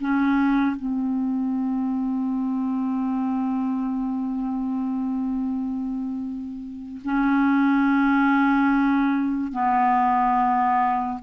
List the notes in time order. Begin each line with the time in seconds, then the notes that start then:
0.00 C#4
0.76 C4
7.04 C#4
9.52 B3